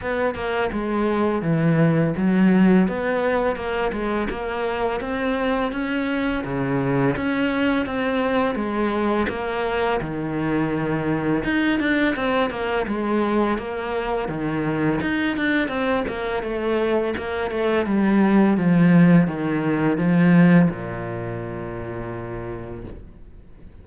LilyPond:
\new Staff \with { instrumentName = "cello" } { \time 4/4 \tempo 4 = 84 b8 ais8 gis4 e4 fis4 | b4 ais8 gis8 ais4 c'4 | cis'4 cis4 cis'4 c'4 | gis4 ais4 dis2 |
dis'8 d'8 c'8 ais8 gis4 ais4 | dis4 dis'8 d'8 c'8 ais8 a4 | ais8 a8 g4 f4 dis4 | f4 ais,2. | }